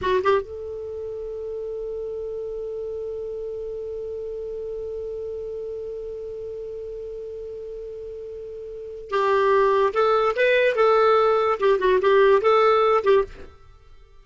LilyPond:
\new Staff \with { instrumentName = "clarinet" } { \time 4/4 \tempo 4 = 145 fis'8 g'8 a'2.~ | a'1~ | a'1~ | a'1~ |
a'1~ | a'2 g'2 | a'4 b'4 a'2 | g'8 fis'8 g'4 a'4. g'8 | }